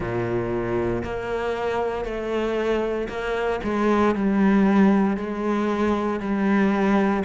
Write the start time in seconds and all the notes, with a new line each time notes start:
0.00 A#2
1.03 A#3
2.04 A3
3.08 A#3
3.63 G#3
4.15 G3
5.17 G#3
6.20 G3